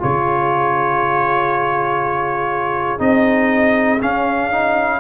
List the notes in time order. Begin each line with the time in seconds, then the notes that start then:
0.00 C#3 F4 G#4 C#5
2.99 C4 D#4 D#5
4.01 C#4 F5
4.52 D#4